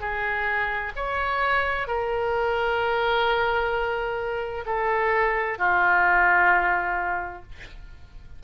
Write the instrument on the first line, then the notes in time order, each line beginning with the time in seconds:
oboe
0.00 G#4
0.96 C#5
1.87 A#4
4.66 A4
5.58 F4